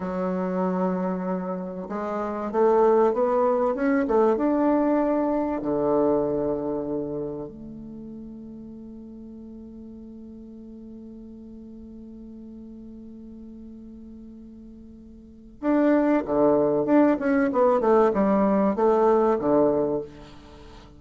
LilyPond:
\new Staff \with { instrumentName = "bassoon" } { \time 4/4 \tempo 4 = 96 fis2. gis4 | a4 b4 cis'8 a8 d'4~ | d'4 d2. | a1~ |
a1~ | a1~ | a4 d'4 d4 d'8 cis'8 | b8 a8 g4 a4 d4 | }